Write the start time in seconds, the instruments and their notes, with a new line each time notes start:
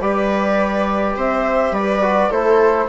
0.00 bassoon G3, trombone G4, viola B4, flute D5
1.16 bassoon C4, viola C5, flute E5
1.71 bassoon G3, viola B4, flute D5
2.01 trombone F#4
2.30 bassoon A3, trombone E4, viola A4, flute C5